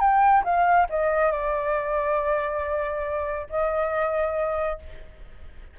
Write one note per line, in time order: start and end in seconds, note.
0.00 0.43 G5
0.44 0.87 F5
0.90 1.32 D#5
1.32 3.47 D5
3.50 4.79 D#5